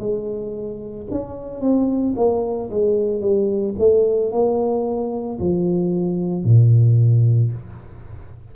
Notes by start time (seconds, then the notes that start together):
0.00 G#3
1.12 C#4
1.61 C4
2.17 A#3
2.70 G#3
3.21 G3
3.79 A3
4.32 A#3
5.40 F3
6.45 A#2